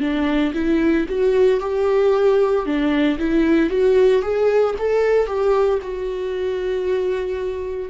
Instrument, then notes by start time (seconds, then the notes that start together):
viola
0.00 D4
0.54 E4
1.08 F#4
1.60 G4
2.65 D4
3.18 E4
3.69 F#4
4.22 G#4
4.78 A4
5.26 G4
5.82 F#4